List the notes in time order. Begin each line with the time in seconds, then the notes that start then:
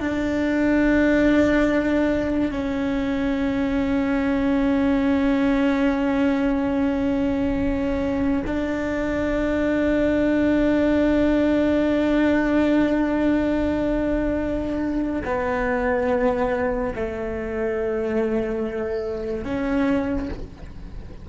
0.00 D4
2.51 C#4
8.46 D4
15.25 B3
16.95 A3
19.44 C#4